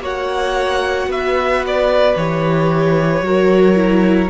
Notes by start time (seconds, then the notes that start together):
0.00 A#3 F#4 C#5 F#5
1.07 B3 B4 E5
1.66 D5
2.16 E3 G4 C#5
3.21 F#3 F#4 A#4
3.75 E4